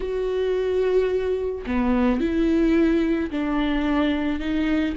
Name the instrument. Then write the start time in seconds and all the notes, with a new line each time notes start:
viola
0.00 F#4
1.66 B3
2.20 E4
3.30 D4
4.39 D#4